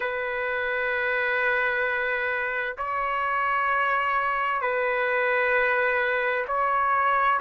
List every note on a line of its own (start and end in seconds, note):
0.00 2.76 B4
2.77 4.61 C#5
4.61 6.45 B4
6.47 7.39 C#5